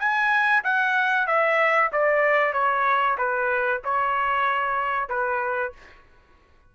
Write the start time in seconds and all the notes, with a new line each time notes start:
0.00 G#5
0.64 F#5
1.27 E5
1.93 D5
2.54 C#5
3.18 B4
3.85 C#5
5.09 B4